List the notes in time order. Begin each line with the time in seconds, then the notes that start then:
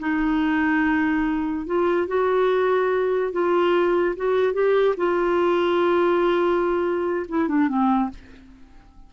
0.00 D#4
1.67 F4
2.08 F#4
3.33 F4
4.17 F#4
4.54 G4
4.98 F4
7.29 E4
7.49 D4
7.69 C4